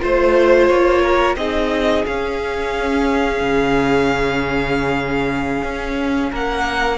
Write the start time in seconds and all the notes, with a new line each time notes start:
0.00 A3 F4 C5
0.67 A#3 C#5
1.02 A#4
1.36 C4 D#4 G#4 D#5
2.06 C#4 F5
3.41 C#3
5.63 C#4
6.30 A#3 A#4 F#5